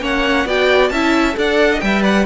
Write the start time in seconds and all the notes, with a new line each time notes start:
0.00 A#3 C#4 C#5 F#5
0.45 B3 F#4 D5 G5
0.89 C#4 E4 E5 A5
1.33 D4 A4 D5 F#5
1.71 D#5
1.79 G3 B4 E5 G5
2.03 D5 F#5